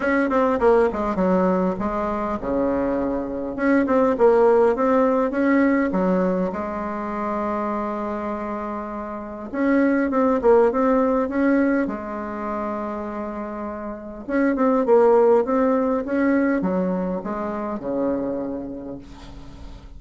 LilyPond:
\new Staff \with { instrumentName = "bassoon" } { \time 4/4 \tempo 4 = 101 cis'8 c'8 ais8 gis8 fis4 gis4 | cis2 cis'8 c'8 ais4 | c'4 cis'4 fis4 gis4~ | gis1 |
cis'4 c'8 ais8 c'4 cis'4 | gis1 | cis'8 c'8 ais4 c'4 cis'4 | fis4 gis4 cis2 | }